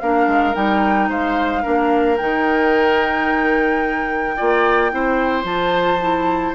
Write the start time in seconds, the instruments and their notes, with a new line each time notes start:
0.00 bassoon A#3, clarinet D4, oboe A#4, flute F5
0.27 bassoon G#3
0.54 bassoon G3, clarinet D#4, flute G5
1.09 bassoon G#3, oboe C5, flute F5
1.62 bassoon A#3, clarinet D4, oboe A#4
2.17 bassoon D#3, clarinet D#4, flute G5
4.36 bassoon A#3, clarinet F4, oboe D5
4.91 bassoon C4, clarinet E4, oboe C5
5.43 bassoon F3, clarinet F4, flute A5
6.01 clarinet E4